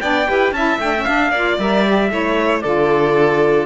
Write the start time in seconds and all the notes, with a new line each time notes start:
0.00 B3 D4 D5 G5
0.27 E4 G4 B4
0.51 C#4 E4 E5 A5
0.78 A3 D4 G5
0.96 C#4
1.04 D4 F5
1.31 A#3 F4 D5
1.58 G3 A#4 E5
1.85 G4
2.10 A3 E4 C#5
2.61 D3 F4 A4 D5